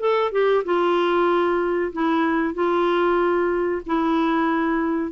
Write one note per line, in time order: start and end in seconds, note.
0.00 0.32 A4
0.32 0.64 G4
0.65 1.93 F4
1.93 2.54 E4
2.54 3.82 F4
3.86 5.12 E4